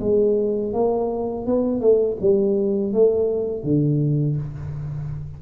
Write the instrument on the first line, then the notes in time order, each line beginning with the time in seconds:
tuba
0.00 G#3
0.73 A#3
1.46 B3
1.81 A3
2.21 G3
2.93 A3
3.64 D3